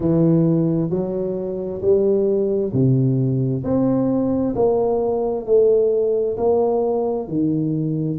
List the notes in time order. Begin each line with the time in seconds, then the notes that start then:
0.00 E3
0.90 F#3
1.81 G3
2.72 C3
3.64 C4
4.55 A#3
5.45 A3
6.37 A#3
7.27 D#3